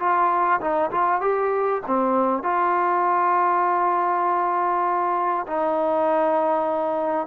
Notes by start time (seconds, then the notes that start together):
0.00 F4
0.61 D#4
0.91 F4
1.21 G4
1.87 C4
2.44 F4
5.47 D#4